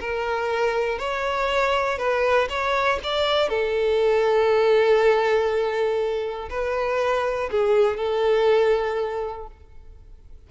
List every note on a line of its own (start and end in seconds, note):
0.00 0.99 A#4
0.99 1.99 C#5
1.99 2.49 B4
2.50 3.00 C#5
3.04 3.50 D5
3.50 6.50 A4
6.50 7.50 B4
7.51 7.97 G#4
7.97 9.47 A4